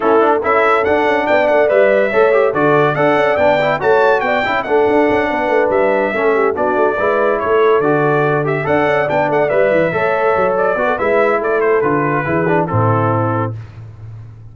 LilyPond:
<<
  \new Staff \with { instrumentName = "trumpet" } { \time 4/4 \tempo 4 = 142 a'4 e''4 fis''4 g''8 fis''8 | e''2 d''4 fis''4 | g''4 a''4 g''4 fis''4~ | fis''4. e''2 d''8~ |
d''4. cis''4 d''4. | e''8 fis''4 g''8 fis''8 e''4.~ | e''4 d''4 e''4 d''8 c''8 | b'2 a'2 | }
  \new Staff \with { instrumentName = "horn" } { \time 4/4 e'4 a'2 d''4~ | d''4 cis''4 a'4 d''4~ | d''4 cis''4 d''8 e''8 a'4~ | a'8 b'2 a'8 g'8 fis'8~ |
fis'8 b'4 a'2~ a'8~ | a'8 d''2. cis''8~ | cis''4. b'16 a'16 b'4 a'4~ | a'4 gis'4 e'2 | }
  \new Staff \with { instrumentName = "trombone" } { \time 4/4 cis'8 d'8 e'4 d'2 | b'4 a'8 g'8 fis'4 a'4 | d'8 e'8 fis'4. e'8 d'4~ | d'2~ d'8 cis'4 d'8~ |
d'8 e'2 fis'4. | g'8 a'4 d'4 b'4 a'8~ | a'4. fis'8 e'2 | f'4 e'8 d'8 c'2 | }
  \new Staff \with { instrumentName = "tuba" } { \time 4/4 a4 cis'4 d'8 cis'8 b8 a8 | g4 a4 d4 d'8 cis'8 | b4 a4 b8 cis'8 a8 d'8 | cis'8 b8 a8 g4 a4 b8 |
a8 gis4 a4 d4.~ | d8 d'8 cis'8 b8 a8 g8 e8 a8~ | a8 fis4 b8 gis4 a4 | d4 e4 a,2 | }
>>